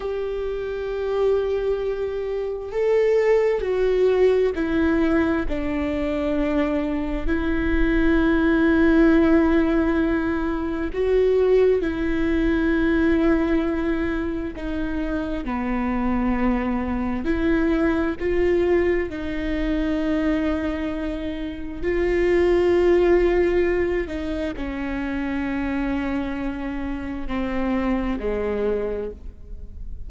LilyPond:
\new Staff \with { instrumentName = "viola" } { \time 4/4 \tempo 4 = 66 g'2. a'4 | fis'4 e'4 d'2 | e'1 | fis'4 e'2. |
dis'4 b2 e'4 | f'4 dis'2. | f'2~ f'8 dis'8 cis'4~ | cis'2 c'4 gis4 | }